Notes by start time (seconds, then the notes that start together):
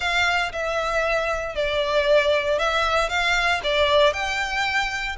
0.00 F5
0.52 E5
1.55 D5
2.58 E5
3.09 F5
3.63 D5
4.13 G5